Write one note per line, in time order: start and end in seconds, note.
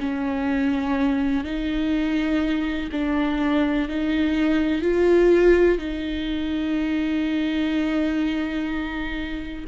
0.00 1.45 C#4
1.45 2.90 D#4
2.92 3.89 D4
3.89 4.83 D#4
4.83 5.78 F4
5.78 9.66 D#4